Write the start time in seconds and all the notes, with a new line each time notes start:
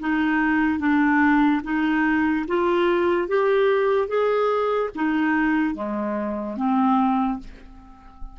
0.00 D#4
0.80 D4
1.64 D#4
2.48 F4
3.28 G4
4.08 G#4
4.96 D#4
5.75 G#3
6.57 C4